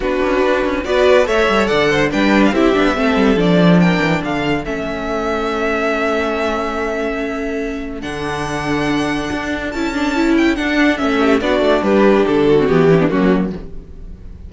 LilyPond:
<<
  \new Staff \with { instrumentName = "violin" } { \time 4/4 \tempo 4 = 142 b'2 d''4 e''4 | fis''4 g''8. f''16 e''2 | d''4 g''4 f''4 e''4~ | e''1~ |
e''2. fis''4~ | fis''2. a''4~ | a''8 g''8 fis''4 e''4 d''4 | b'4 a'4 g'4 fis'4 | }
  \new Staff \with { instrumentName = "violin" } { \time 4/4 fis'2 b'4 cis''4 | d''8 c''8 b'4 g'4 a'4~ | a'4 ais'4 a'2~ | a'1~ |
a'1~ | a'1~ | a'2~ a'8 g'8 fis'4 | g'4. fis'4 e'16 d'16 cis'4 | }
  \new Staff \with { instrumentName = "viola" } { \time 4/4 d'2 fis'4 a'4~ | a'4 d'4 e'8 d'8 c'4 | d'2. cis'4~ | cis'1~ |
cis'2. d'4~ | d'2. e'8 d'8 | e'4 d'4 cis'4 d'4~ | d'4.~ d'16 c'16 b8 cis'16 b16 ais4 | }
  \new Staff \with { instrumentName = "cello" } { \time 4/4 b8 cis'8 d'8 cis'8 b4 a8 g8 | d4 g4 c'8 b8 a8 g8 | f4. e8 d4 a4~ | a1~ |
a2. d4~ | d2 d'4 cis'4~ | cis'4 d'4 a4 b8 a8 | g4 d4 e4 fis4 | }
>>